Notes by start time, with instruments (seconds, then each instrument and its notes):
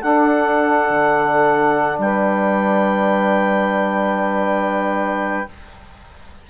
0.00 bassoon D4, trombone D4, saxophone A4, clarinet F#5
0.89 bassoon D3
1.98 bassoon G3, saxophone B4, clarinet G5